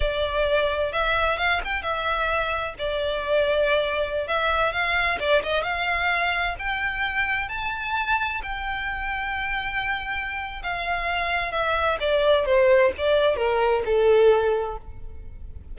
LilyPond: \new Staff \with { instrumentName = "violin" } { \time 4/4 \tempo 4 = 130 d''2 e''4 f''8 g''8 | e''2 d''2~ | d''4~ d''16 e''4 f''4 d''8 dis''16~ | dis''16 f''2 g''4.~ g''16~ |
g''16 a''2 g''4.~ g''16~ | g''2. f''4~ | f''4 e''4 d''4 c''4 | d''4 ais'4 a'2 | }